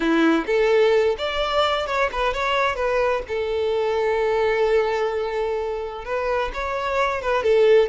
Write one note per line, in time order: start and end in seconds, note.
0.00 0.45 E4
0.46 1.16 A4
1.18 1.86 D5
1.86 2.09 C#5
2.12 2.33 B4
2.33 2.75 C#5
2.75 3.22 B4
3.28 6.04 A4
6.04 6.51 B4
6.53 7.21 C#5
7.21 7.43 B4
7.43 7.88 A4